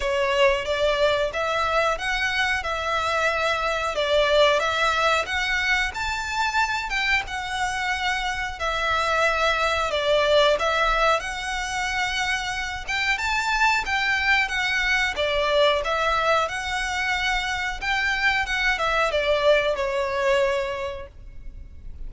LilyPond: \new Staff \with { instrumentName = "violin" } { \time 4/4 \tempo 4 = 91 cis''4 d''4 e''4 fis''4 | e''2 d''4 e''4 | fis''4 a''4. g''8 fis''4~ | fis''4 e''2 d''4 |
e''4 fis''2~ fis''8 g''8 | a''4 g''4 fis''4 d''4 | e''4 fis''2 g''4 | fis''8 e''8 d''4 cis''2 | }